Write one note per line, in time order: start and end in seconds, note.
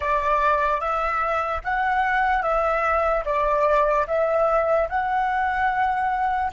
0.00 0.80 D5
0.80 1.61 E5
1.64 2.42 F#5
2.42 3.23 E5
3.25 4.06 D5
4.07 4.88 E5
4.89 6.51 F#5